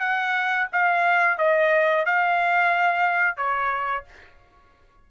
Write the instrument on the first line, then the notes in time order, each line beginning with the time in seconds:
trumpet
0.00 F#5
0.73 F5
1.38 D#5
2.06 F5
3.37 C#5